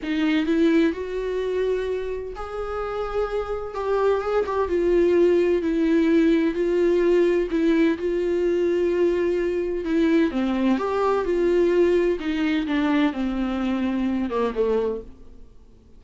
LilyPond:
\new Staff \with { instrumentName = "viola" } { \time 4/4 \tempo 4 = 128 dis'4 e'4 fis'2~ | fis'4 gis'2. | g'4 gis'8 g'8 f'2 | e'2 f'2 |
e'4 f'2.~ | f'4 e'4 c'4 g'4 | f'2 dis'4 d'4 | c'2~ c'8 ais8 a4 | }